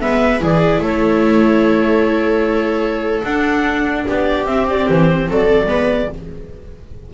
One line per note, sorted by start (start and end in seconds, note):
0.00 0.42 G#3
0.00 0.40 B3
0.00 0.42 B4
0.00 0.41 E5
0.40 0.78 E3
0.40 3.24 E4
0.40 0.83 G#4
0.40 0.83 D5
0.78 3.22 A3
0.78 4.07 A4
0.78 3.24 C#5
3.24 4.06 D4
3.24 4.46 D4
3.24 4.05 F#5
4.07 4.46 B3
4.07 5.29 G4
4.07 4.46 D5
4.46 5.67 C4
4.46 4.87 C4
4.46 4.66 E5
4.70 4.89 D5
4.89 5.29 E3
4.89 5.30 C5
5.29 5.66 F#3
5.29 5.68 A4
5.29 6.14 D5
5.66 6.07 G#3
5.66 6.08 B3
5.66 6.09 B4